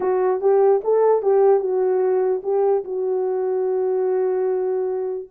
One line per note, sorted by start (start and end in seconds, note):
0.00 0.40 F#4
0.40 0.81 G4
0.84 1.22 A4
1.22 1.60 G4
1.60 2.41 F#4
2.43 2.84 G4
2.84 5.29 F#4